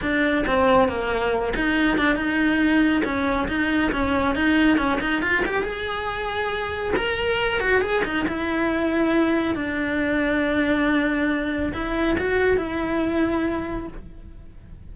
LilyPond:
\new Staff \with { instrumentName = "cello" } { \time 4/4 \tempo 4 = 138 d'4 c'4 ais4. dis'8~ | dis'8 d'8 dis'2 cis'4 | dis'4 cis'4 dis'4 cis'8 dis'8 | f'8 g'8 gis'2. |
ais'4. fis'8 gis'8 dis'8 e'4~ | e'2 d'2~ | d'2. e'4 | fis'4 e'2. | }